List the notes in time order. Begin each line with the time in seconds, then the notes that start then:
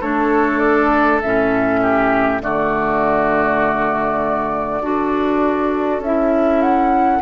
0.00 A3 D4 A4 C#5
0.59 D5
1.22 A2 C#4 E5
1.82 G4
2.41 D3 A3 F#4 D5
4.81 D4 F#4 A4
5.99 C#4 E4 E5
6.62 F#5